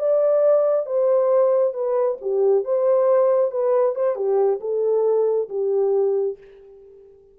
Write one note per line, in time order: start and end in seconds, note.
0.00 0.87 D5
0.87 1.74 C5
1.74 2.18 B4
2.22 2.65 G4
2.65 3.52 C5
3.52 3.96 B4
3.96 4.16 C5
4.16 4.60 G4
4.61 5.49 A4
5.50 6.38 G4